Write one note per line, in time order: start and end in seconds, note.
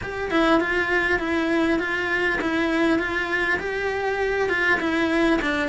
0.02 0.30 G4
0.30 0.60 E4
0.60 1.19 F4
1.19 1.79 E4
1.79 2.39 F4
2.41 2.98 E4
2.98 3.58 F4
3.59 4.49 G4
4.49 4.79 F4
4.80 5.40 E4
5.41 5.68 D4